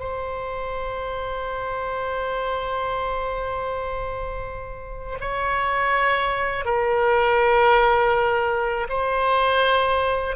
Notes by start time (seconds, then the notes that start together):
0.00 C5
5.21 C#5
6.66 A#4
8.90 C5